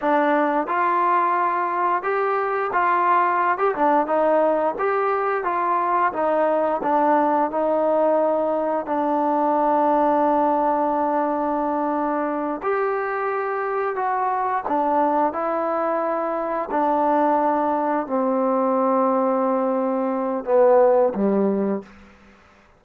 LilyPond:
\new Staff \with { instrumentName = "trombone" } { \time 4/4 \tempo 4 = 88 d'4 f'2 g'4 | f'4~ f'16 g'16 d'8 dis'4 g'4 | f'4 dis'4 d'4 dis'4~ | dis'4 d'2.~ |
d'2~ d'8 g'4.~ | g'8 fis'4 d'4 e'4.~ | e'8 d'2 c'4.~ | c'2 b4 g4 | }